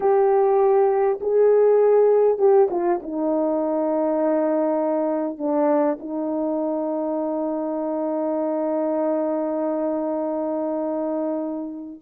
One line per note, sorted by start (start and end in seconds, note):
0.00 1.19 G4
1.20 2.38 G#4
2.38 2.68 G4
2.70 3.00 F4
3.02 5.38 D#4
5.38 5.98 D4
5.99 11.99 D#4